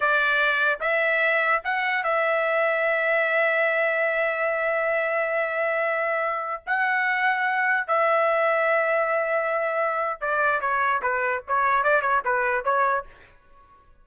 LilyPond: \new Staff \with { instrumentName = "trumpet" } { \time 4/4 \tempo 4 = 147 d''2 e''2 | fis''4 e''2.~ | e''1~ | e''1~ |
e''16 fis''2. e''8.~ | e''1~ | e''4 d''4 cis''4 b'4 | cis''4 d''8 cis''8 b'4 cis''4 | }